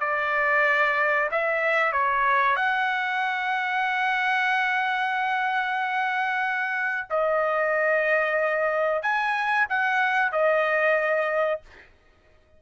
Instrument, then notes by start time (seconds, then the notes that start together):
trumpet
0.00 D5
1.31 E5
1.92 C#5
2.56 F#5
7.10 D#5
9.02 G#5
9.69 F#5
10.32 D#5